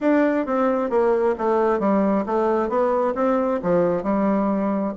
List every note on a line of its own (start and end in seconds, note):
0.00 0.46 D4
0.46 0.90 C4
0.90 1.35 A#3
1.38 1.79 A3
1.79 2.24 G3
2.26 2.69 A3
2.69 3.14 B3
3.14 3.59 C4
3.62 4.03 F3
4.03 4.93 G3